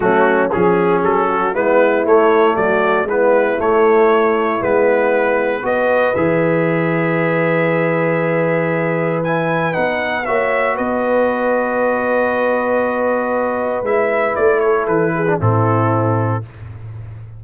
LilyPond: <<
  \new Staff \with { instrumentName = "trumpet" } { \time 4/4 \tempo 4 = 117 fis'4 gis'4 a'4 b'4 | cis''4 d''4 b'4 cis''4~ | cis''4 b'2 dis''4 | e''1~ |
e''2 gis''4 fis''4 | e''4 dis''2.~ | dis''2. e''4 | d''8 cis''8 b'4 a'2 | }
  \new Staff \with { instrumentName = "horn" } { \time 4/4 cis'4 gis'4. fis'8 e'4~ | e'4 fis'4 e'2~ | e'2. b'4~ | b'1~ |
b'1 | cis''4 b'2.~ | b'1~ | b'8 a'4 gis'8 e'2 | }
  \new Staff \with { instrumentName = "trombone" } { \time 4/4 a4 cis'2 b4 | a2 b4 a4~ | a4 b2 fis'4 | gis'1~ |
gis'2 e'4 dis'4 | fis'1~ | fis'2. e'4~ | e'4.~ e'16 d'16 c'2 | }
  \new Staff \with { instrumentName = "tuba" } { \time 4/4 fis4 f4 fis4 gis4 | a4 fis4 gis4 a4~ | a4 gis2 b4 | e1~ |
e2. b4 | ais4 b2.~ | b2. gis4 | a4 e4 a,2 | }
>>